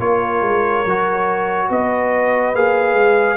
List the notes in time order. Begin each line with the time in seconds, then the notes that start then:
0.00 A#3 F4 A#4 C#5
0.42 G#3
0.86 F#3 F#4
1.69 B3 B4 D#5
2.55 A#3 G#4 F5
2.95 G#3